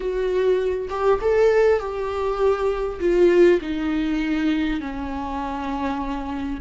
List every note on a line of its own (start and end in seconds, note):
0.00 0.88 F#4
0.89 1.19 G4
1.21 1.79 A4
1.79 2.99 G4
3.00 3.60 F4
3.61 4.80 D#4
4.80 6.60 C#4